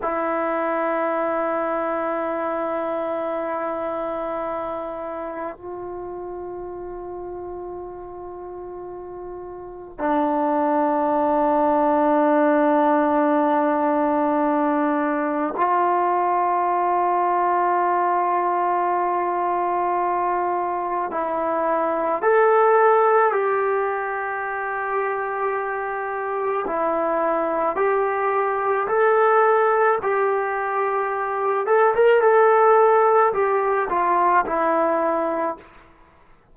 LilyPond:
\new Staff \with { instrumentName = "trombone" } { \time 4/4 \tempo 4 = 54 e'1~ | e'4 f'2.~ | f'4 d'2.~ | d'2 f'2~ |
f'2. e'4 | a'4 g'2. | e'4 g'4 a'4 g'4~ | g'8 a'16 ais'16 a'4 g'8 f'8 e'4 | }